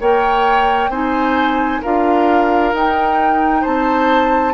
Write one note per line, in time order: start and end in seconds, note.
0.00 0.89 A#3
0.00 0.91 A#4
0.00 0.91 C#5
0.00 0.91 G5
0.89 1.80 C4
0.89 1.83 D#4
0.89 1.81 C5
0.89 1.82 G#5
1.82 2.73 D4
1.82 2.74 F4
1.82 3.61 A#4
1.82 2.74 F5
2.73 3.64 D#4
2.73 4.54 D#4
2.73 3.64 G5
3.61 4.54 C4
3.61 4.52 C5
3.61 4.54 A5